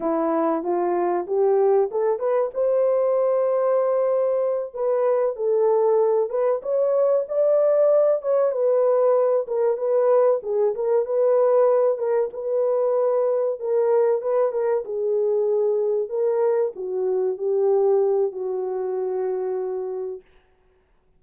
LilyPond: \new Staff \with { instrumentName = "horn" } { \time 4/4 \tempo 4 = 95 e'4 f'4 g'4 a'8 b'8 | c''2.~ c''8 b'8~ | b'8 a'4. b'8 cis''4 d''8~ | d''4 cis''8 b'4. ais'8 b'8~ |
b'8 gis'8 ais'8 b'4. ais'8 b'8~ | b'4. ais'4 b'8 ais'8 gis'8~ | gis'4. ais'4 fis'4 g'8~ | g'4 fis'2. | }